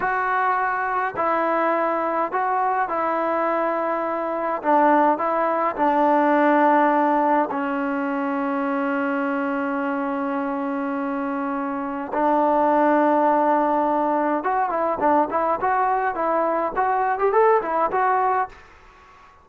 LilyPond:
\new Staff \with { instrumentName = "trombone" } { \time 4/4 \tempo 4 = 104 fis'2 e'2 | fis'4 e'2. | d'4 e'4 d'2~ | d'4 cis'2.~ |
cis'1~ | cis'4 d'2.~ | d'4 fis'8 e'8 d'8 e'8 fis'4 | e'4 fis'8. g'16 a'8 e'8 fis'4 | }